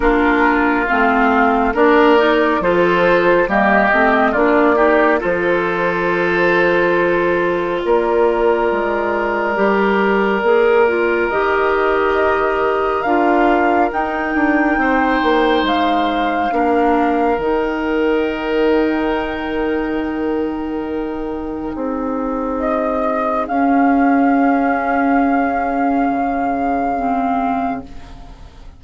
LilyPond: <<
  \new Staff \with { instrumentName = "flute" } { \time 4/4 \tempo 4 = 69 ais'4 f''4 d''4 c''4 | dis''4 d''4 c''2~ | c''4 d''2.~ | d''4 dis''2 f''4 |
g''2 f''2 | g''1~ | g''2 dis''4 f''4~ | f''1 | }
  \new Staff \with { instrumentName = "oboe" } { \time 4/4 f'2 ais'4 a'4 | g'4 f'8 g'8 a'2~ | a'4 ais'2.~ | ais'1~ |
ais'4 c''2 ais'4~ | ais'1~ | ais'4 gis'2.~ | gis'1 | }
  \new Staff \with { instrumentName = "clarinet" } { \time 4/4 d'4 c'4 d'8 dis'8 f'4 | ais8 c'8 d'8 dis'8 f'2~ | f'2. g'4 | gis'8 f'8 g'2 f'4 |
dis'2. d'4 | dis'1~ | dis'2. cis'4~ | cis'2. c'4 | }
  \new Staff \with { instrumentName = "bassoon" } { \time 4/4 ais4 a4 ais4 f4 | g8 a8 ais4 f2~ | f4 ais4 gis4 g4 | ais4 dis2 d'4 |
dis'8 d'8 c'8 ais8 gis4 ais4 | dis1~ | dis4 c'2 cis'4~ | cis'2 cis2 | }
>>